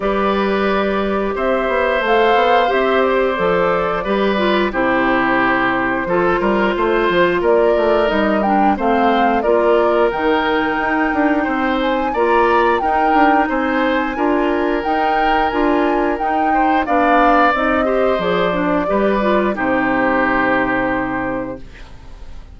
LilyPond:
<<
  \new Staff \with { instrumentName = "flute" } { \time 4/4 \tempo 4 = 89 d''2 e''4 f''4 | e''8 d''2~ d''8 c''4~ | c''2. d''4 | dis''8 g''8 f''4 d''4 g''4~ |
g''4. gis''8 ais''4 g''4 | gis''2 g''4 gis''4 | g''4 f''4 dis''4 d''4~ | d''4 c''2. | }
  \new Staff \with { instrumentName = "oboe" } { \time 4/4 b'2 c''2~ | c''2 b'4 g'4~ | g'4 a'8 ais'8 c''4 ais'4~ | ais'4 c''4 ais'2~ |
ais'4 c''4 d''4 ais'4 | c''4 ais'2.~ | ais'8 c''8 d''4. c''4. | b'4 g'2. | }
  \new Staff \with { instrumentName = "clarinet" } { \time 4/4 g'2. a'4 | g'4 a'4 g'8 f'8 e'4~ | e'4 f'2. | dis'8 d'8 c'4 f'4 dis'4~ |
dis'2 f'4 dis'4~ | dis'4 f'4 dis'4 f'4 | dis'4 d'4 dis'8 g'8 gis'8 d'8 | g'8 f'8 dis'2. | }
  \new Staff \with { instrumentName = "bassoon" } { \time 4/4 g2 c'8 b8 a8 b8 | c'4 f4 g4 c4~ | c4 f8 g8 a8 f8 ais8 a8 | g4 a4 ais4 dis4 |
dis'8 d'8 c'4 ais4 dis'8 d'8 | c'4 d'4 dis'4 d'4 | dis'4 b4 c'4 f4 | g4 c2. | }
>>